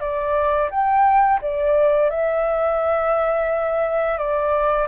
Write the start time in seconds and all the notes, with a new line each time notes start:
0.00 D5
0.70 G5
1.42 D5
2.10 E5
4.18 D5